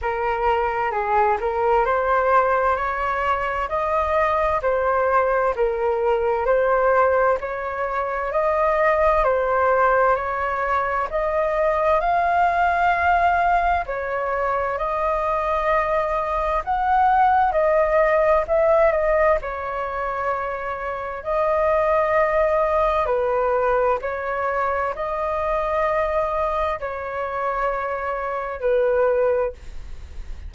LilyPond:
\new Staff \with { instrumentName = "flute" } { \time 4/4 \tempo 4 = 65 ais'4 gis'8 ais'8 c''4 cis''4 | dis''4 c''4 ais'4 c''4 | cis''4 dis''4 c''4 cis''4 | dis''4 f''2 cis''4 |
dis''2 fis''4 dis''4 | e''8 dis''8 cis''2 dis''4~ | dis''4 b'4 cis''4 dis''4~ | dis''4 cis''2 b'4 | }